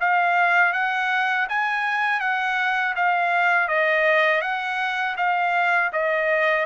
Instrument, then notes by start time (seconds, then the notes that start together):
trumpet
0.00 F5
0.73 F#5
1.49 G#5
2.20 F#5
2.96 F5
3.68 D#5
4.41 F#5
5.17 F5
5.93 D#5